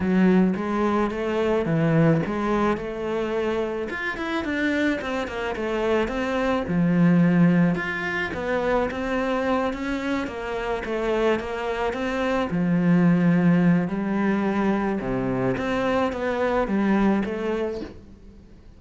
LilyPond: \new Staff \with { instrumentName = "cello" } { \time 4/4 \tempo 4 = 108 fis4 gis4 a4 e4 | gis4 a2 f'8 e'8 | d'4 c'8 ais8 a4 c'4 | f2 f'4 b4 |
c'4. cis'4 ais4 a8~ | a8 ais4 c'4 f4.~ | f4 g2 c4 | c'4 b4 g4 a4 | }